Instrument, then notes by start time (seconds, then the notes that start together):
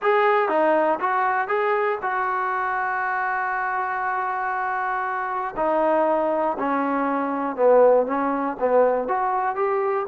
trombone
0.02 G#4
0.49 D#4
1.00 F#4
1.48 G#4
2.01 F#4
5.56 D#4
6.58 C#4
7.56 B3
8.06 C#4
8.59 B3
9.08 F#4
9.55 G4